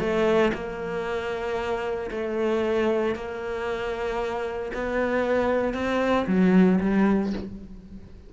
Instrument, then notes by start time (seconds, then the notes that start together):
cello
0.00 A3
0.54 A#3
2.11 A3
3.15 A#3
4.74 B3
5.74 C4
6.27 F#3
6.81 G3